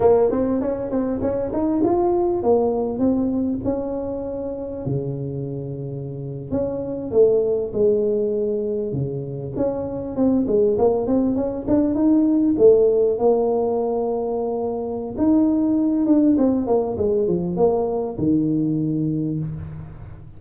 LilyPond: \new Staff \with { instrumentName = "tuba" } { \time 4/4 \tempo 4 = 99 ais8 c'8 cis'8 c'8 cis'8 dis'8 f'4 | ais4 c'4 cis'2 | cis2~ cis8. cis'4 a16~ | a8. gis2 cis4 cis'16~ |
cis'8. c'8 gis8 ais8 c'8 cis'8 d'8 dis'16~ | dis'8. a4 ais2~ ais16~ | ais4 dis'4. d'8 c'8 ais8 | gis8 f8 ais4 dis2 | }